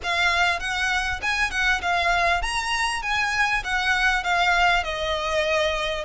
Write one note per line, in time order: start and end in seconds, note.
0.03 0.59 F5
0.59 1.20 F#5
1.21 1.50 G#5
1.50 1.81 F#5
1.81 2.42 F5
2.42 3.02 A#5
3.02 3.63 G#5
3.64 4.23 F#5
4.23 4.83 F5
4.83 6.04 D#5